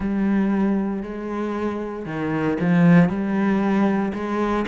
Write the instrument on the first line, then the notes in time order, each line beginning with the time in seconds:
cello
0.00 G3
1.03 G#3
2.05 D#3
2.60 F3
3.08 G3
4.14 G#3